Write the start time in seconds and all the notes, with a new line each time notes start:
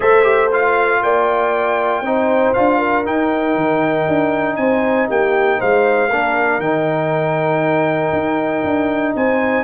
0.00 A3 A4 C5 E5
0.22 G4
0.51 F4 F5
1.01 A#3 D5 G5
2.01 C4 D#4 C5
2.53 D4 F4 F5
2.78 A#4
3.04 D#4 G5
3.55 D#3
4.07 D4
4.56 C4 C5 G#5
5.08 A#3 G4 G5
5.58 G#3 C5 F5
6.09 A#3 D4 A#4
6.59 D#3 D#4 G5
8.12 D#4
8.63 D4
9.15 C4 C5 G#5